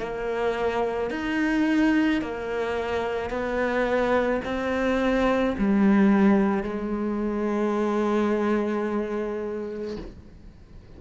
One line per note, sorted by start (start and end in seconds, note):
0.00 1.11 A#3
1.11 2.22 D#4
2.22 3.30 A#3
3.30 4.41 B3
4.45 5.56 C4
5.59 6.64 G3
6.64 9.97 G#3